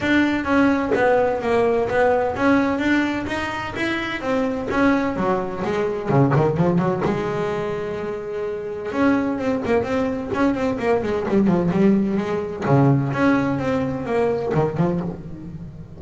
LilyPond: \new Staff \with { instrumentName = "double bass" } { \time 4/4 \tempo 4 = 128 d'4 cis'4 b4 ais4 | b4 cis'4 d'4 dis'4 | e'4 c'4 cis'4 fis4 | gis4 cis8 dis8 f8 fis8 gis4~ |
gis2. cis'4 | c'8 ais8 c'4 cis'8 c'8 ais8 gis8 | g8 f8 g4 gis4 cis4 | cis'4 c'4 ais4 dis8 f8 | }